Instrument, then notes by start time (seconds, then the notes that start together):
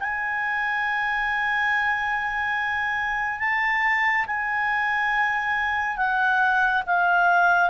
clarinet
0.00 G#5
3.40 A5
4.27 G#5
5.97 F#5
6.86 F5